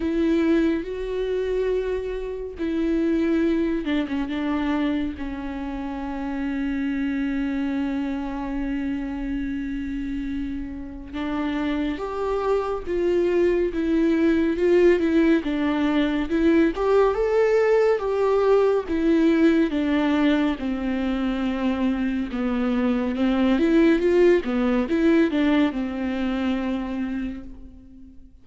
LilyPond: \new Staff \with { instrumentName = "viola" } { \time 4/4 \tempo 4 = 70 e'4 fis'2 e'4~ | e'8 d'16 cis'16 d'4 cis'2~ | cis'1~ | cis'4 d'4 g'4 f'4 |
e'4 f'8 e'8 d'4 e'8 g'8 | a'4 g'4 e'4 d'4 | c'2 b4 c'8 e'8 | f'8 b8 e'8 d'8 c'2 | }